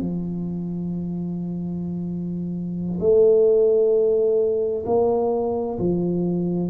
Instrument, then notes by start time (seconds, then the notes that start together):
tuba
0.00 F3
3.00 A3
4.86 A#3
5.79 F3